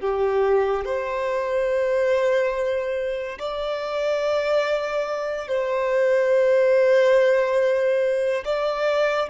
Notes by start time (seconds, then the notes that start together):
0.00 G4
0.85 C5
3.38 D5
5.48 C5
8.44 D5